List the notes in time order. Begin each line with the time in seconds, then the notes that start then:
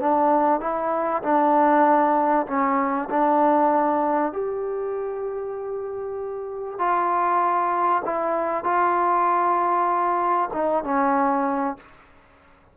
0.00 D4
0.60 E4
1.22 D4
2.47 C#4
3.10 D4
4.32 G4
6.79 F4
8.05 E4
8.64 F4
10.53 D#4
10.84 C#4